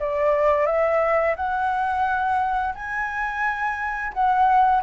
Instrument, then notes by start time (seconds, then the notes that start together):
flute
0.00 D5
0.66 E5
1.36 F#5
2.75 G#5
4.13 F#5